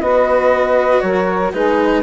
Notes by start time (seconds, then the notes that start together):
0.00 B3 F#4 B4 D#5
1.01 F#3 A#4 C#5
1.53 G#3 D#4 G#4 B4